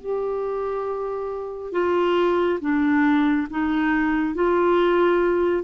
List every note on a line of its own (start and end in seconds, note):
0.00 1.72 G4
1.72 2.59 F4
2.60 3.47 D4
3.50 4.34 D#4
4.34 5.63 F4